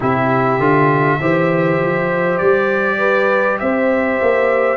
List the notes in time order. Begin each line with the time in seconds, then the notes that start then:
0.00 C3 E4 G4 E5
0.59 D3 F4
1.20 E3 G4 C5
1.79 F3
2.38 G3 D5
2.98 B4
3.59 C4 C5 E5
4.21 A#3